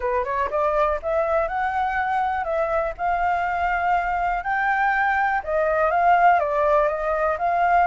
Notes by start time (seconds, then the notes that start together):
0.00 B4
0.24 C#5
0.50 D5
1.02 E5
1.48 F#5
2.43 E5
2.97 F5
4.43 G5
5.43 D#5
5.90 F5
6.39 D5
6.88 D#5
7.38 F5